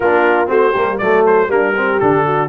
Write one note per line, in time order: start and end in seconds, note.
0.00 0.49 A#3
0.00 0.46 D4
0.00 0.49 F4
0.00 0.49 A#4
0.46 0.74 A3
0.46 0.71 C4
0.46 0.71 F#4
0.46 0.98 C5
0.71 1.00 G3
0.71 1.00 A#3
0.71 0.96 G4
0.98 1.48 F#3
0.98 1.48 A3
0.98 1.50 A4
0.98 1.23 D5
1.26 1.51 C5
1.48 1.98 G3
1.48 1.72 A#3
1.48 1.76 D4
1.48 1.99 A#4
1.76 2.00 C4
1.76 2.25 G4
1.99 2.48 D3
1.99 2.48 D4
1.99 2.48 A4
2.25 2.48 F#4